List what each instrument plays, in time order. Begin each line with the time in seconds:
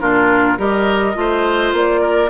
0.00 bassoon A#2, clarinet D4, oboe F4, flute A#4
0.58 bassoon G3, clarinet G4, oboe A#4, flute D#5
1.14 bassoon A3, clarinet F4, oboe C5
1.72 bassoon A#3, flute D5
2.01 oboe A#4